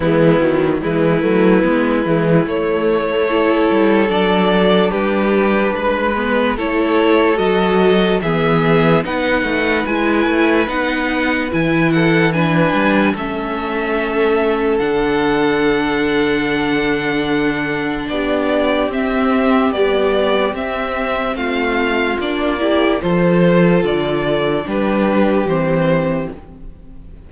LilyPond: <<
  \new Staff \with { instrumentName = "violin" } { \time 4/4 \tempo 4 = 73 e'4 b'2 cis''4~ | cis''4 d''4 b'2 | cis''4 dis''4 e''4 fis''4 | gis''4 fis''4 gis''8 fis''8 gis''4 |
e''2 fis''2~ | fis''2 d''4 e''4 | d''4 e''4 f''4 d''4 | c''4 d''4 b'4 c''4 | }
  \new Staff \with { instrumentName = "violin" } { \time 4/4 b4 e'2. | a'2 g'4 b'4 | a'2 gis'4 b'4~ | b'2~ b'8 a'8 b'4 |
a'1~ | a'2 g'2~ | g'2 f'4. g'8 | a'2 g'2 | }
  \new Staff \with { instrumentName = "viola" } { \time 4/4 gis8 fis8 gis8 a8 b8 gis8 a4 | e'4 d'2~ d'8 b8 | e'4 fis'4 b4 dis'4 | e'4 dis'4 e'4 d'4 |
cis'2 d'2~ | d'2. c'4 | g4 c'2 d'8 e'8 | f'2 d'4 c'4 | }
  \new Staff \with { instrumentName = "cello" } { \time 4/4 e8 dis8 e8 fis8 gis8 e8 a4~ | a8 g8 fis4 g4 gis4 | a4 fis4 e4 b8 a8 | gis8 a8 b4 e4. g8 |
a2 d2~ | d2 b4 c'4 | b4 c'4 a4 ais4 | f4 d4 g4 e4 | }
>>